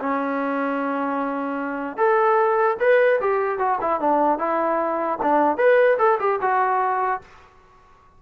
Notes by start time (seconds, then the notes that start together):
0.00 C#4
1.98 A4
2.80 B4
3.21 G4
3.59 F#4
3.81 E4
4.01 D4
4.39 E4
5.23 D4
5.58 B4
5.99 A4
6.20 G4
6.42 F#4